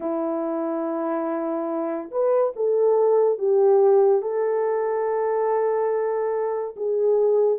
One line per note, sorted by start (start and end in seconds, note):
0.00 2.10 E4
2.11 2.53 B4
2.55 3.38 A4
3.38 4.21 G4
4.21 6.75 A4
6.76 7.58 G#4